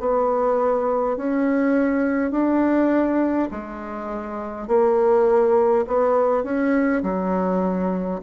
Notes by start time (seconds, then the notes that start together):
0.00 B3
1.17 C#4
2.31 D4
3.51 G#3
4.67 A#3
5.87 B3
6.44 C#4
7.03 F#3